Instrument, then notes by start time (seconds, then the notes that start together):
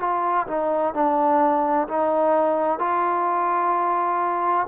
trombone
0.00 F4
0.47 D#4
0.94 D4
1.88 D#4
2.79 F4